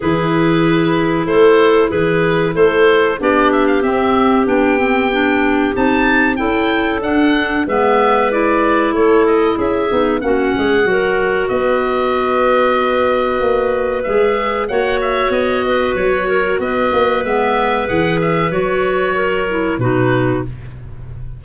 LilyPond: <<
  \new Staff \with { instrumentName = "oboe" } { \time 4/4 \tempo 4 = 94 b'2 c''4 b'4 | c''4 d''8 e''16 f''16 e''4 g''4~ | g''4 a''4 g''4 fis''4 | e''4 d''4 cis''8 dis''8 e''4 |
fis''2 dis''2~ | dis''2 e''4 fis''8 e''8 | dis''4 cis''4 dis''4 e''4 | fis''8 e''8 cis''2 b'4 | }
  \new Staff \with { instrumentName = "clarinet" } { \time 4/4 gis'2 a'4 gis'4 | a'4 g'2.~ | g'2 a'2 | b'2 a'4 gis'4 |
fis'8 gis'8 ais'4 b'2~ | b'2. cis''4~ | cis''8 b'4 ais'8 b'2~ | b'2 ais'4 fis'4 | }
  \new Staff \with { instrumentName = "clarinet" } { \time 4/4 e'1~ | e'4 d'4 c'4 d'8 c'8 | d'4 dis'4 e'4 d'4 | b4 e'2~ e'8 dis'8 |
cis'4 fis'2.~ | fis'2 gis'4 fis'4~ | fis'2. b4 | gis'4 fis'4. e'8 dis'4 | }
  \new Staff \with { instrumentName = "tuba" } { \time 4/4 e2 a4 e4 | a4 b4 c'4 b4~ | b4 c'4 cis'4 d'4 | gis2 a4 cis'8 b8 |
ais8 gis8 fis4 b2~ | b4 ais4 gis4 ais4 | b4 fis4 b8 ais8 gis4 | e4 fis2 b,4 | }
>>